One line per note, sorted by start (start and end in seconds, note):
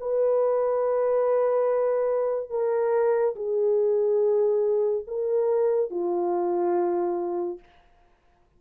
0.00 2.50 B4
2.50 3.34 A#4
3.35 5.04 G#4
5.07 5.90 A#4
5.90 7.59 F4